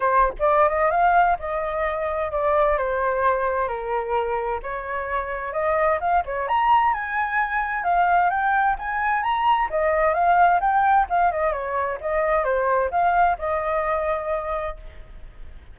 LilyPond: \new Staff \with { instrumentName = "flute" } { \time 4/4 \tempo 4 = 130 c''8. d''8. dis''8 f''4 dis''4~ | dis''4 d''4 c''2 | ais'2 cis''2 | dis''4 f''8 cis''8 ais''4 gis''4~ |
gis''4 f''4 g''4 gis''4 | ais''4 dis''4 f''4 g''4 | f''8 dis''8 cis''4 dis''4 c''4 | f''4 dis''2. | }